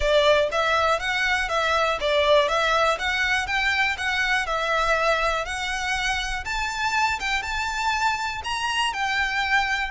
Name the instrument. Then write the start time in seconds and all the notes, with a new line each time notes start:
violin
0.00 D5
0.51 E5
0.99 F#5
1.48 E5
2.00 D5
2.48 E5
2.98 F#5
3.46 G5
3.97 F#5
4.46 E5
5.45 F#5
6.44 A5
7.19 G5
7.42 A5
8.44 A#5
8.93 G5